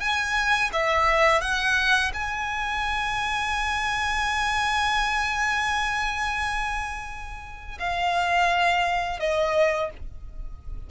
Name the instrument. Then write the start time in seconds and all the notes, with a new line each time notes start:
violin
0.00 G#5
0.73 E5
1.41 F#5
2.14 G#5
7.79 F5
9.20 D#5